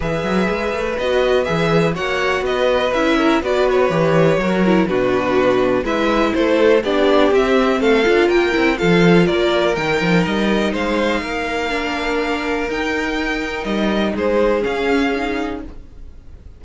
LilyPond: <<
  \new Staff \with { instrumentName = "violin" } { \time 4/4 \tempo 4 = 123 e''2 dis''4 e''4 | fis''4 dis''4 e''4 d''8 cis''8~ | cis''2 b'2 | e''4 c''4 d''4 e''4 |
f''4 g''4 f''4 d''4 | g''4 dis''4 f''2~ | f''2 g''2 | dis''4 c''4 f''2 | }
  \new Staff \with { instrumentName = "violin" } { \time 4/4 b'1 | cis''4 b'4. ais'8 b'4~ | b'4 ais'4 fis'2 | b'4 a'4 g'2 |
a'4 ais'4 a'4 ais'4~ | ais'2 c''4 ais'4~ | ais'1~ | ais'4 gis'2. | }
  \new Staff \with { instrumentName = "viola" } { \time 4/4 gis'2 fis'4 gis'4 | fis'2 e'4 fis'4 | g'4 fis'8 e'8 d'2 | e'2 d'4 c'4~ |
c'8 f'4 e'8 f'2 | dis'1 | d'2 dis'2~ | dis'2 cis'4 dis'4 | }
  \new Staff \with { instrumentName = "cello" } { \time 4/4 e8 fis8 gis8 a8 b4 e4 | ais4 b4 cis'4 b4 | e4 fis4 b,2 | gis4 a4 b4 c'4 |
a8 d'8 ais8 c'8 f4 ais4 | dis8 f8 g4 gis4 ais4~ | ais2 dis'2 | g4 gis4 cis'2 | }
>>